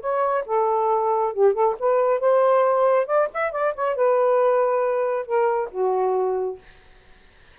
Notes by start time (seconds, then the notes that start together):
0.00 C#5
0.46 A4
1.33 G4
1.53 A4
1.79 B4
2.20 C5
3.06 D5
3.33 E5
3.52 D5
3.74 C#5
3.95 B4
5.25 A#4
5.71 F#4